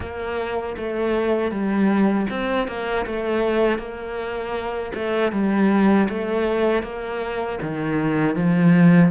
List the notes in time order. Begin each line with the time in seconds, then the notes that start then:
0.00 A#3
0.77 A3
1.51 G3
2.30 C4
2.67 A#3
3.06 A3
3.78 A#3
4.94 A3
5.32 G3
6.09 A3
6.83 A#3
7.62 D#3
8.35 F3